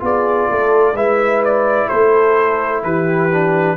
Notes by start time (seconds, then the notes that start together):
0.00 B3 F4 G#4 D5
0.50 A3 A4
0.94 G#3 E4 B4 E5
1.45 D5
1.89 A3 A4 C5
2.84 E3 G4 B4
3.32 D4